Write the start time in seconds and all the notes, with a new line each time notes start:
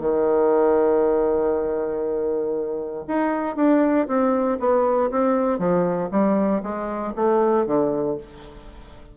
0.00 D#3
3.08 D#4
3.56 D4
4.07 C4
4.59 B3
5.11 C4
5.59 F3
6.11 G3
6.63 G#3
7.15 A3
7.66 D3